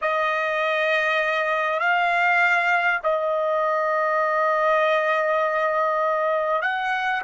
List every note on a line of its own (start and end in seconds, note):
0.01 1.79 D#5
1.79 2.99 F5
3.03 6.62 D#5
6.62 7.22 F#5